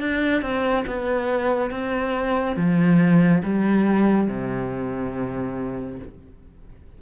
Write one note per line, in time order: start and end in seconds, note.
0.00 0.42 D4
0.42 0.85 C4
0.87 1.71 B3
1.71 2.56 C4
2.56 3.42 F3
3.44 4.28 G3
4.28 5.99 C3